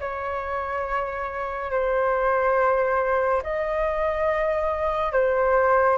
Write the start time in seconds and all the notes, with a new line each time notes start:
0.00 C#5
1.71 C5
3.43 D#5
5.13 C5